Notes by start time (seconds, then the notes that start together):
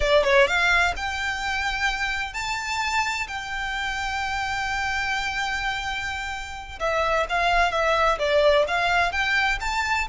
0.00 D5
0.23 C#5
0.47 F5
0.96 G5
2.33 A5
3.27 G5
6.79 E5
7.29 F5
7.71 E5
8.18 D5
8.67 F5
9.12 G5
9.60 A5